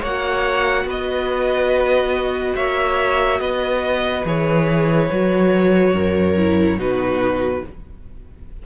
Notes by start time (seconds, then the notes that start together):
0.00 A#3 C#5 F#5
0.06 F#4
0.85 B3 B4 D#5
2.56 A#3 C#5 E5
3.40 B3 B4 D#5
4.25 E3 G#4 C#5
5.11 F#3 F#4
5.94 F#2 A#4
6.37 E4
6.77 B2 D#4 F#4 B4